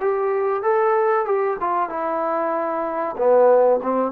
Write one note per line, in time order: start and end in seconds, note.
0.00 0.63 G4
0.63 1.25 A4
1.25 1.57 G4
1.60 1.89 F4
1.89 3.16 E4
3.17 3.80 B3
3.82 4.12 C4